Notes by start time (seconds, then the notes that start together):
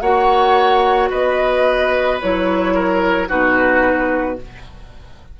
0.00 A#3 F#4 C#5 F#5
1.10 B3 B4 D#5
2.20 F#3 E4 C#5
2.75 A#4
3.27 B2 D#4 F#4 B4